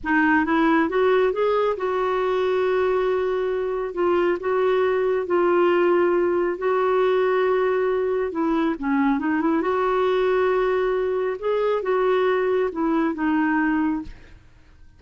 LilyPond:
\new Staff \with { instrumentName = "clarinet" } { \time 4/4 \tempo 4 = 137 dis'4 e'4 fis'4 gis'4 | fis'1~ | fis'4 f'4 fis'2 | f'2. fis'4~ |
fis'2. e'4 | cis'4 dis'8 e'8 fis'2~ | fis'2 gis'4 fis'4~ | fis'4 e'4 dis'2 | }